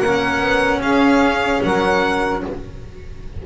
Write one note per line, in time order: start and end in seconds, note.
0.00 0.40 A#3
0.00 2.46 C#4
0.00 0.80 A#4
0.00 0.81 F#5
0.40 0.80 B3
0.81 1.61 C#4
0.81 1.62 G#4
0.81 1.62 F5
1.63 2.43 F#3
1.63 2.43 A#4
1.63 2.44 F#5